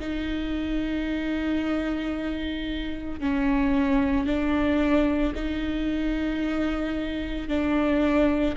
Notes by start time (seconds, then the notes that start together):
0.00 D#4
3.20 C#4
4.26 D4
5.35 D#4
7.48 D4